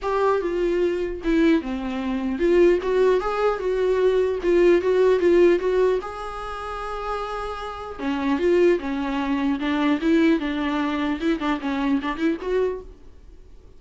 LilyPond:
\new Staff \with { instrumentName = "viola" } { \time 4/4 \tempo 4 = 150 g'4 f'2 e'4 | c'2 f'4 fis'4 | gis'4 fis'2 f'4 | fis'4 f'4 fis'4 gis'4~ |
gis'1 | cis'4 f'4 cis'2 | d'4 e'4 d'2 | e'8 d'8 cis'4 d'8 e'8 fis'4 | }